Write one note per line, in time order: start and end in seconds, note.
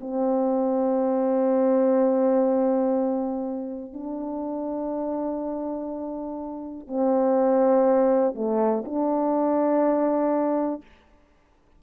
0.00 3.93 C4
3.93 6.87 D4
6.87 8.34 C4
8.34 8.83 A3
8.85 10.82 D4